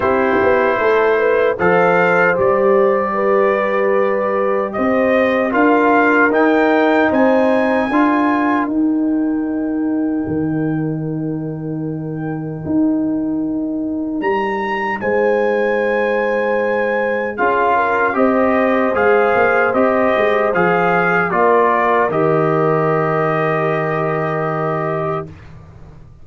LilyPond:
<<
  \new Staff \with { instrumentName = "trumpet" } { \time 4/4 \tempo 4 = 76 c''2 f''4 d''4~ | d''2 dis''4 f''4 | g''4 gis''2 g''4~ | g''1~ |
g''2 ais''4 gis''4~ | gis''2 f''4 dis''4 | f''4 dis''4 f''4 d''4 | dis''1 | }
  \new Staff \with { instrumentName = "horn" } { \time 4/4 g'4 a'8 b'8 c''2 | b'2 c''4 ais'4~ | ais'4 c''4 ais'2~ | ais'1~ |
ais'2. c''4~ | c''2 gis'8 ais'8 c''4~ | c''2. ais'4~ | ais'1 | }
  \new Staff \with { instrumentName = "trombone" } { \time 4/4 e'2 a'4 g'4~ | g'2. f'4 | dis'2 f'4 dis'4~ | dis'1~ |
dis'1~ | dis'2 f'4 g'4 | gis'4 g'4 gis'4 f'4 | g'1 | }
  \new Staff \with { instrumentName = "tuba" } { \time 4/4 c'8 b8 a4 f4 g4~ | g2 c'4 d'4 | dis'4 c'4 d'4 dis'4~ | dis'4 dis2. |
dis'2 g4 gis4~ | gis2 cis'4 c'4 | gis8 ais8 c'8 gis8 f4 ais4 | dis1 | }
>>